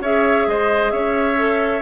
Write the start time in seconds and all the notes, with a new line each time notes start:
0.00 C#4 G#4 C#5 E5
0.46 G#3 C5 D#5
0.90 C#4 C#5 E5
1.36 A4